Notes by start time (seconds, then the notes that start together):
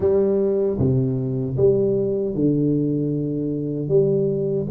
0.00 G3
0.78 C3
1.56 G3
2.34 D3
3.88 G3